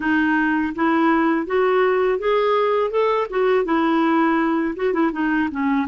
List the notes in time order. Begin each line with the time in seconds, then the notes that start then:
0.00 D#4
0.75 E4
1.46 F#4
2.18 G#4
2.90 A4
3.30 F#4
3.65 E4
4.76 F#4
4.93 E4
5.12 D#4
5.51 C#4